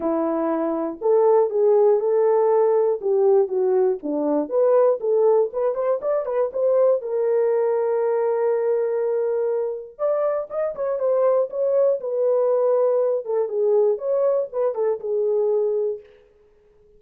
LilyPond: \new Staff \with { instrumentName = "horn" } { \time 4/4 \tempo 4 = 120 e'2 a'4 gis'4 | a'2 g'4 fis'4 | d'4 b'4 a'4 b'8 c''8 | d''8 b'8 c''4 ais'2~ |
ais'1 | d''4 dis''8 cis''8 c''4 cis''4 | b'2~ b'8 a'8 gis'4 | cis''4 b'8 a'8 gis'2 | }